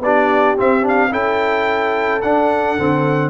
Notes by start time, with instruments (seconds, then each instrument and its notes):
0.00 tuba B3, trombone D4, horn G4, trumpet D5
0.57 trombone C4, tuba C4, trumpet E5
0.82 trombone D4
0.88 trumpet F5
1.11 tuba C#4, trombone E4, horn A4, trumpet G5
2.22 tuba D4, trombone D4, trumpet F#5
2.78 tuba D3, trombone C4